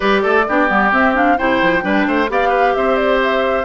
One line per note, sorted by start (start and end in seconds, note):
0.00 0.24 G3
0.00 0.43 G4
0.00 0.21 B4
0.00 0.91 D5
0.22 0.47 A3
0.22 0.45 A4
0.48 0.69 B3
0.48 0.68 D4
0.48 1.37 G4
0.68 0.92 G3
0.68 0.91 B3
0.92 1.14 C4
0.92 1.37 C4
0.92 1.15 E5
1.14 1.37 D4
1.14 1.37 F5
1.37 1.61 C3
1.37 1.81 E4
1.37 1.83 C5
1.37 2.29 G5
1.61 1.84 F3
1.81 2.07 G3
1.81 2.27 D4
1.81 2.06 B4
2.07 2.29 A3
2.07 2.30 C5
2.28 2.75 B3
2.28 3.64 G4
2.28 2.49 D5
2.28 2.75 F5
2.49 2.71 B4
2.75 3.64 C4
2.75 3.64 C5
2.75 2.96 E5
2.96 3.18 D5
3.22 3.64 E5